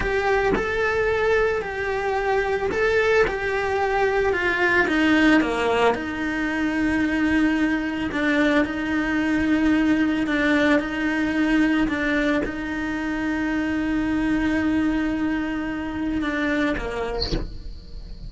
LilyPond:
\new Staff \with { instrumentName = "cello" } { \time 4/4 \tempo 4 = 111 g'4 a'2 g'4~ | g'4 a'4 g'2 | f'4 dis'4 ais4 dis'4~ | dis'2. d'4 |
dis'2. d'4 | dis'2 d'4 dis'4~ | dis'1~ | dis'2 d'4 ais4 | }